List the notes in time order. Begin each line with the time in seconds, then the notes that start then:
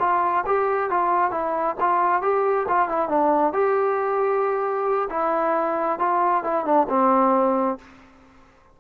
0.00 F4
0.46 G4
0.90 F4
1.31 E4
1.81 F4
2.22 G4
2.68 F4
2.89 E4
3.09 D4
3.54 G4
5.10 E4
6.00 F4
6.44 E4
6.65 D4
6.89 C4